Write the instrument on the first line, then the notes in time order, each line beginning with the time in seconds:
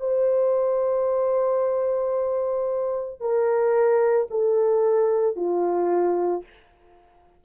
horn
0.00 C5
3.20 A#4
4.30 A4
5.36 F4